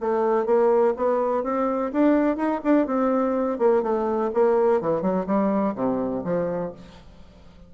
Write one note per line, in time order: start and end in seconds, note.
0.00 0.46 A3
0.46 0.94 A#3
0.97 1.43 B3
1.43 1.91 C4
1.93 2.37 D4
2.37 2.61 D#4
2.64 2.87 D4
2.87 3.58 C4
3.58 3.82 A#3
3.82 4.30 A3
4.34 4.81 A#3
4.81 5.02 E3
5.02 5.26 F#3
5.27 5.75 G3
5.75 6.23 C3
6.24 6.72 F3